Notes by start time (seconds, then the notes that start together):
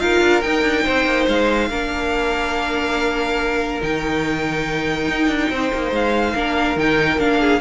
0.00 D#4 F4 A#4 F5
0.21 D4
0.41 D#4 G5
0.62 D4
0.84 C4 C5
1.05 A#3
1.28 G#3 F5
1.69 A#3 D4 A#4
3.81 D#3 D#4 G5
5.09 D#4
5.28 D4
5.50 C4 C5
5.73 A#3
5.92 G#3 F5
6.35 A#3 D4 A#4
6.76 D#3 D#4 G5
7.19 A#3 D4 F5
7.40 G#4